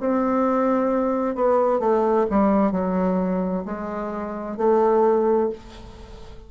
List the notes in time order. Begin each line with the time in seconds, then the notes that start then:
0.00 C4
1.35 B3
1.80 A3
2.30 G3
2.71 F#3
3.65 G#3
4.57 A3